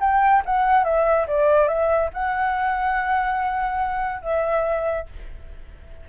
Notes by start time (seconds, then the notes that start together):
0.00 G5
0.45 F#5
0.84 E5
1.27 D5
1.68 E5
2.13 F#5
4.21 E5